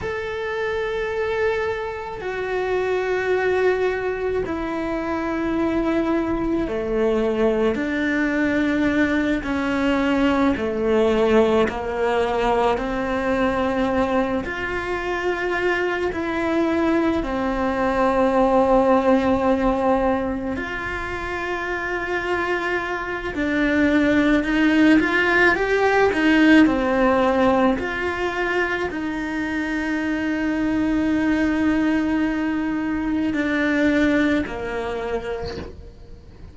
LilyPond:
\new Staff \with { instrumentName = "cello" } { \time 4/4 \tempo 4 = 54 a'2 fis'2 | e'2 a4 d'4~ | d'8 cis'4 a4 ais4 c'8~ | c'4 f'4. e'4 c'8~ |
c'2~ c'8 f'4.~ | f'4 d'4 dis'8 f'8 g'8 dis'8 | c'4 f'4 dis'2~ | dis'2 d'4 ais4 | }